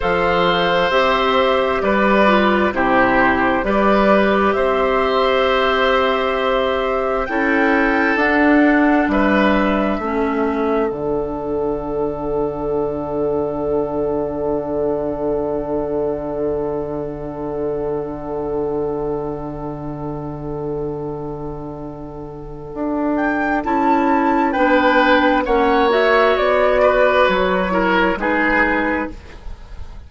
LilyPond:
<<
  \new Staff \with { instrumentName = "flute" } { \time 4/4 \tempo 4 = 66 f''4 e''4 d''4 c''4 | d''4 e''2. | g''4 fis''4 e''2 | fis''1~ |
fis''1~ | fis''1~ | fis''4. g''8 a''4 g''4 | fis''8 e''8 d''4 cis''4 b'4 | }
  \new Staff \with { instrumentName = "oboe" } { \time 4/4 c''2 b'4 g'4 | b'4 c''2. | a'2 b'4 a'4~ | a'1~ |
a'1~ | a'1~ | a'2. b'4 | cis''4. b'4 ais'8 gis'4 | }
  \new Staff \with { instrumentName = "clarinet" } { \time 4/4 a'4 g'4. f'8 e'4 | g'1 | e'4 d'2 cis'4 | d'1~ |
d'1~ | d'1~ | d'2 e'4 d'4 | cis'8 fis'2 e'8 dis'4 | }
  \new Staff \with { instrumentName = "bassoon" } { \time 4/4 f4 c'4 g4 c4 | g4 c'2. | cis'4 d'4 g4 a4 | d1~ |
d1~ | d1~ | d4 d'4 cis'4 b4 | ais4 b4 fis4 gis4 | }
>>